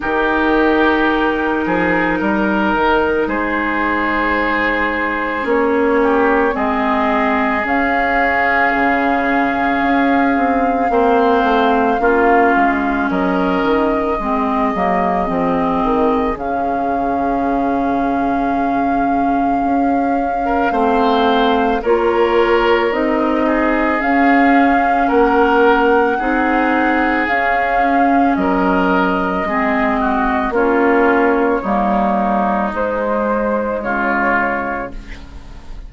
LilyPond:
<<
  \new Staff \with { instrumentName = "flute" } { \time 4/4 \tempo 4 = 55 ais'2. c''4~ | c''4 cis''4 dis''4 f''4~ | f''1 | dis''2. f''4~ |
f''1 | cis''4 dis''4 f''4 fis''4~ | fis''4 f''4 dis''2 | cis''2 c''4 cis''4 | }
  \new Staff \with { instrumentName = "oboe" } { \time 4/4 g'4. gis'8 ais'4 gis'4~ | gis'4. g'8 gis'2~ | gis'2 c''4 f'4 | ais'4 gis'2.~ |
gis'2~ gis'8. ais'16 c''4 | ais'4. gis'4. ais'4 | gis'2 ais'4 gis'8 fis'8 | f'4 dis'2 f'4 | }
  \new Staff \with { instrumentName = "clarinet" } { \time 4/4 dis'1~ | dis'4 cis'4 c'4 cis'4~ | cis'2 c'4 cis'4~ | cis'4 c'8 ais8 c'4 cis'4~ |
cis'2. c'4 | f'4 dis'4 cis'2 | dis'4 cis'2 c'4 | cis'4 ais4 gis2 | }
  \new Staff \with { instrumentName = "bassoon" } { \time 4/4 dis4. f8 g8 dis8 gis4~ | gis4 ais4 gis4 cis'4 | cis4 cis'8 c'8 ais8 a8 ais8 gis8 | fis8 dis8 gis8 fis8 f8 dis8 cis4~ |
cis2 cis'4 a4 | ais4 c'4 cis'4 ais4 | c'4 cis'4 fis4 gis4 | ais4 g4 gis4 cis4 | }
>>